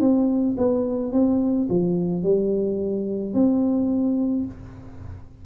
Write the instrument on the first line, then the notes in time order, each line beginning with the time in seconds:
tuba
0.00 C4
0.57 B3
1.12 C4
1.69 F3
2.23 G3
3.34 C4